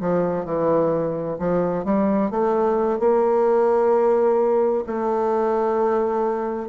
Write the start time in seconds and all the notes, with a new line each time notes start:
0.00 F3
0.45 E3
1.39 F3
1.85 G3
2.30 A3
3.00 A#3
4.87 A3